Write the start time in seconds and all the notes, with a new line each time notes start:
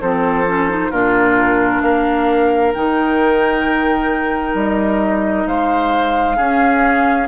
0.00 F3 C4 A4 C5
0.46 C#4
0.69 D#4
0.91 A#2 D4 F4 A#4
1.81 A#3 A#4 F5
2.73 D#3 D#4 G5
4.54 G3 D#5
5.46 G#3 C5 F5
6.36 C#4 G#4